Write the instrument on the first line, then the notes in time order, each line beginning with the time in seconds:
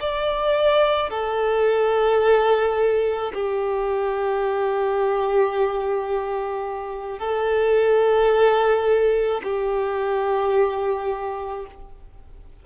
violin
0.00 D5
1.10 A4
3.34 G4
7.19 A4
9.43 G4